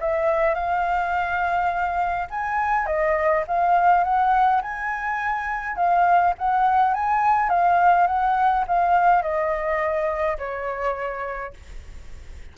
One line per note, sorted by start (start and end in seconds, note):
0.00 0.54 E5
0.54 2.27 F5
2.30 2.86 G#5
2.86 3.44 D#5
3.47 4.04 F5
4.04 4.61 F#5
4.62 5.76 G#5
5.76 6.34 F5
6.38 6.94 F#5
6.94 7.49 G#5
7.49 8.07 F5
8.07 8.65 F#5
8.67 9.22 F5
9.22 10.37 D#5
10.38 11.53 C#5